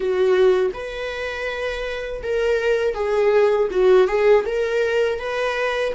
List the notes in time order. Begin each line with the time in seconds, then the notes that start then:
0.00 F#4
0.73 B4
2.22 A#4
2.94 G#4
3.70 F#4
4.07 G#4
4.45 A#4
5.19 B4